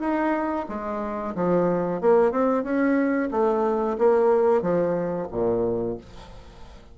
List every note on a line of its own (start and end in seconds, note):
0.00 0.66 D#4
0.69 1.35 G#3
1.35 2.01 F3
2.01 2.32 A#3
2.32 2.64 C4
2.64 3.30 C#4
3.31 3.97 A3
3.98 4.62 A#3
4.62 5.28 F3
5.32 5.98 A#2